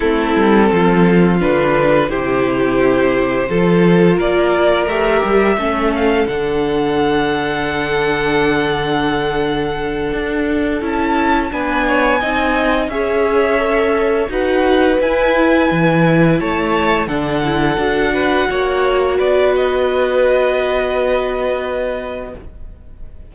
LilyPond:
<<
  \new Staff \with { instrumentName = "violin" } { \time 4/4 \tempo 4 = 86 a'2 b'4 c''4~ | c''2 d''4 e''4~ | e''8 f''8 fis''2.~ | fis''2.~ fis''8 a''8~ |
a''8 gis''2 e''4.~ | e''8 fis''4 gis''2 a''8~ | a''8 fis''2. d''8 | dis''1 | }
  \new Staff \with { instrumentName = "violin" } { \time 4/4 e'4 f'2 g'4~ | g'4 a'4 ais'2 | a'1~ | a'1~ |
a'8 b'8 cis''8 dis''4 cis''4.~ | cis''8 b'2. cis''8~ | cis''8 a'4. b'8 cis''4 b'8~ | b'1 | }
  \new Staff \with { instrumentName = "viola" } { \time 4/4 c'2 d'4 e'4~ | e'4 f'2 g'4 | cis'4 d'2.~ | d'2.~ d'8 e'8~ |
e'8 d'4 dis'4 gis'4 a'8~ | a'8 fis'4 e'2~ e'8~ | e'8 d'8 e'8 fis'2~ fis'8~ | fis'1 | }
  \new Staff \with { instrumentName = "cello" } { \time 4/4 a8 g8 f4 d4 c4~ | c4 f4 ais4 a8 g8 | a4 d2.~ | d2~ d8 d'4 cis'8~ |
cis'8 b4 c'4 cis'4.~ | cis'8 dis'4 e'4 e4 a8~ | a8 d4 d'4 ais4 b8~ | b1 | }
>>